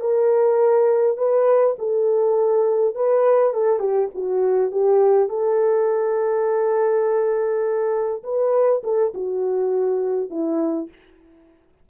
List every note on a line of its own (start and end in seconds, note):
0.00 1.17 A#4
1.17 1.76 B4
1.79 2.95 A4
2.95 3.53 B4
3.53 3.79 A4
3.79 4.09 G4
4.14 4.72 F#4
4.72 5.29 G4
5.29 8.23 A4
8.23 8.82 B4
8.83 9.13 A4
9.14 10.30 F#4
10.30 10.89 E4